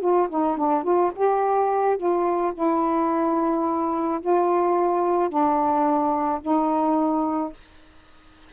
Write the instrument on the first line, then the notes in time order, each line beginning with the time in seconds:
saxophone
0.00 F4
0.29 D#4
0.57 D4
0.83 F4
1.15 G4
1.97 F4
2.54 E4
4.20 F4
5.29 D4
6.41 D#4